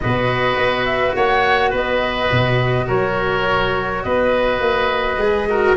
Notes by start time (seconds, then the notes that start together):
0.00 B2 F#4 B4 D#5
0.56 B3
0.85 E5
1.14 A#3 C#5 F#5
1.70 B3 B4 D#5
2.31 B2
2.87 F#3 A#4 C#5
4.03 B3 B4 D#5
4.60 A#3
5.17 G#3 G#4
5.49 F#4 A#4